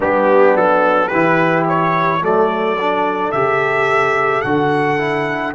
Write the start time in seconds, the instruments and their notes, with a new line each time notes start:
0.00 tuba G3, trombone B3, horn D4, trumpet G4
0.55 tuba F#3, trumpet A4
1.07 tuba E3, horn G4, trumpet B4
1.14 trombone E4
1.68 trumpet C#5
2.21 tuba F#3, trombone A3, horn A4, trumpet D5
2.80 trombone D4
3.31 tuba C#3, trombone G4, trumpet E5
4.41 tuba D3, trombone F#4, trumpet F#5
4.97 trombone E4